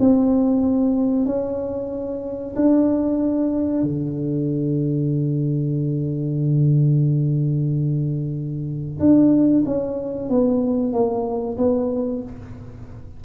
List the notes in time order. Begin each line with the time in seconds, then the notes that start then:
0.00 C4
1.26 C#4
2.56 D4
3.84 D3
9.00 D4
9.66 C#4
10.30 B3
10.93 A#3
11.58 B3